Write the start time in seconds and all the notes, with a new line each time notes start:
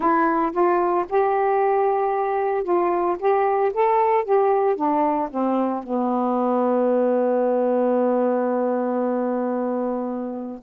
0.00 E4
0.52 F4
1.09 G4
2.63 F4
3.19 G4
3.73 A4
4.24 G4
4.76 D4
5.30 C4
5.83 B3